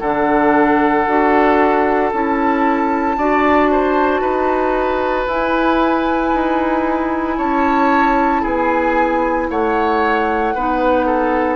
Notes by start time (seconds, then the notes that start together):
0.00 D3 D4 A4 F#5
1.07 D4 F#4
2.12 C#4 E4 A5
3.17 D4 F#4 D5
3.71 C5
4.20 D#4 B4
5.26 E4 G#5
6.34 D#4
7.37 C#4 C#5 A5
8.41 B3 G#4 G#5
9.49 A3 C#5 F#5
10.54 B3 D#4 B4
11.06 A4